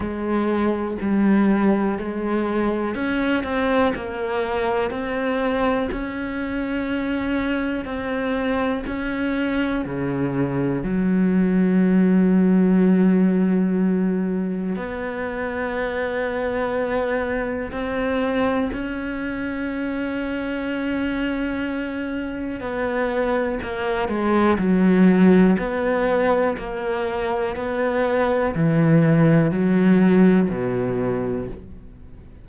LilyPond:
\new Staff \with { instrumentName = "cello" } { \time 4/4 \tempo 4 = 61 gis4 g4 gis4 cis'8 c'8 | ais4 c'4 cis'2 | c'4 cis'4 cis4 fis4~ | fis2. b4~ |
b2 c'4 cis'4~ | cis'2. b4 | ais8 gis8 fis4 b4 ais4 | b4 e4 fis4 b,4 | }